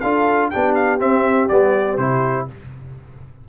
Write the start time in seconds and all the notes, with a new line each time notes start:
0.00 D4 F4 A4 F5
0.50 B3 D4 G4 G5
0.75 F5
0.99 C4 E5
1.49 G3 B3 D5
1.98 C3 E4 C5